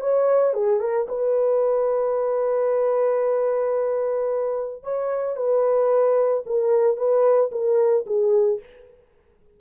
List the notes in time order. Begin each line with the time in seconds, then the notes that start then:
0.00 C#5
0.53 G#4
0.80 A#4
1.08 B4
4.83 C#5
5.36 B4
6.46 A#4
6.96 B4
7.51 A#4
8.06 G#4